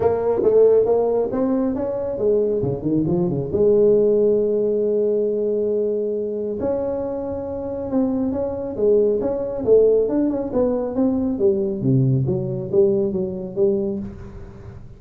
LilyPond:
\new Staff \with { instrumentName = "tuba" } { \time 4/4 \tempo 4 = 137 ais4 a4 ais4 c'4 | cis'4 gis4 cis8 dis8 f8 cis8 | gis1~ | gis2. cis'4~ |
cis'2 c'4 cis'4 | gis4 cis'4 a4 d'8 cis'8 | b4 c'4 g4 c4 | fis4 g4 fis4 g4 | }